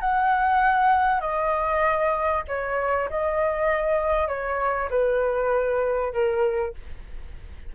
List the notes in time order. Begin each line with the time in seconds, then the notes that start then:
0.00 F#5
1.20 D#5
2.47 C#5
3.09 D#5
4.27 C#5
4.90 B4
6.13 A#4